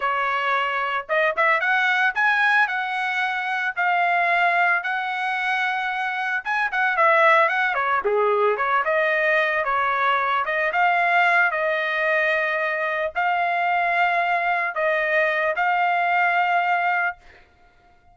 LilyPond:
\new Staff \with { instrumentName = "trumpet" } { \time 4/4 \tempo 4 = 112 cis''2 dis''8 e''8 fis''4 | gis''4 fis''2 f''4~ | f''4 fis''2. | gis''8 fis''8 e''4 fis''8 cis''8 gis'4 |
cis''8 dis''4. cis''4. dis''8 | f''4. dis''2~ dis''8~ | dis''8 f''2. dis''8~ | dis''4 f''2. | }